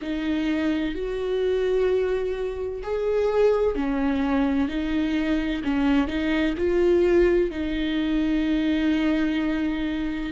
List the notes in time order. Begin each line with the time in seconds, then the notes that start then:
0.01 D#4
0.95 F#4
2.82 G#4
3.75 C#4
4.68 D#4
5.63 C#4
6.07 D#4
6.57 F4
7.50 D#4